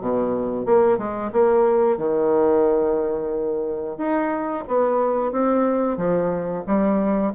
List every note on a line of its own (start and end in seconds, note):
0.00 0.65 B2
0.65 0.98 A#3
0.98 1.31 G#3
1.32 1.97 A#3
1.97 3.97 D#3
3.97 4.64 D#4
4.68 5.32 B3
5.32 5.97 C4
5.97 6.64 F3
6.66 7.33 G3